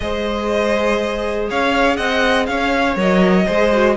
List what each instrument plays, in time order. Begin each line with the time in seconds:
0.00 cello G#3, viola G#4, violin C5 D#5
1.49 cello C#4, violin C#5 F5
1.96 cello C4, violin D#5 F#5
2.46 cello C#4, violin C#5 F5
2.96 cello F#3, viola A#4, violin D#5
3.45 cello G#3, viola G#4, violin C5
3.73 viola F#4